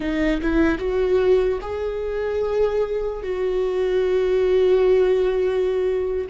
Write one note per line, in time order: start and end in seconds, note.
0.00 0.41 D#4
0.41 0.78 E4
0.78 1.59 F#4
1.61 3.22 G#4
3.22 6.27 F#4